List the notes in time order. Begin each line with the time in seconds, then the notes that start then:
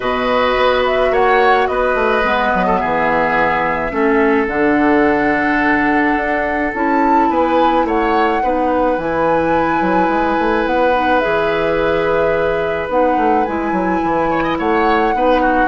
0.00 B2 F#4 B4 D#5
0.56 B3
0.86 E5
1.10 A#3 C#5 F#5
1.67 B3 B4 D#5
1.94 A3
2.23 G#3 B3
2.54 F#3
2.66 A4
2.77 G#4 E5
2.84 E3
3.90 A3 C#4 A4
4.47 D3 D4 F#5
6.16 D4
6.74 C#4 E4 A5
7.29 B3 B4 G#5
7.84 A3 C#5 F#5
8.42 B3 D#4 B4
8.97 E3 E4 G#5
9.80 F#3
10.08 G#3
10.38 A3
10.65 B3 F#5
10.93 D#4
11.19 E3 G#4 E5
12.88 B3 D#4 F#5
13.16 A3
13.44 G#3 E4 G#5
13.72 F#3
14.03 E3
14.30 C#5
14.43 D#5
14.58 A3 C#5 F#5
15.14 B3 D#4 B4
15.41 F#4